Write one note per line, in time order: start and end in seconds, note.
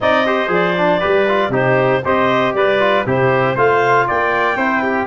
0.00 0.48 C4
0.00 0.26 D#4
0.00 0.26 D5
0.00 0.51 D#5
0.26 0.48 G4
0.26 0.99 C5
0.48 0.99 F3
0.48 0.73 G#4
0.48 1.53 D5
0.77 1.00 D4
0.99 1.49 G3
0.99 1.26 G4
0.99 1.50 B4
1.28 1.51 F4
1.49 2.00 C3
1.49 2.02 D#4
1.49 2.02 G4
1.49 2.04 C5
2.04 2.54 C4
2.04 2.79 G4
2.04 2.55 C5
2.04 2.54 D#5
2.54 3.05 G3
2.54 3.06 B4
2.54 3.04 D5
2.79 3.05 F4
3.05 3.56 C3
3.05 3.56 E4
3.05 3.55 G4
3.05 3.57 C5
3.55 4.07 A3
3.55 4.56 F4
3.55 4.06 C5
3.55 4.08 F5
4.07 4.56 A#3
4.07 4.57 D5
4.07 5.06 G5
4.56 5.06 C4
4.56 5.06 E4
4.56 4.82 C5
4.82 5.06 G4